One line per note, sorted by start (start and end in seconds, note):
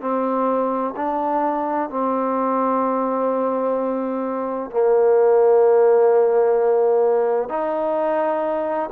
0.00 0.94 C4
0.96 1.89 D4
1.89 4.70 C4
4.70 7.49 A#3
7.49 8.89 D#4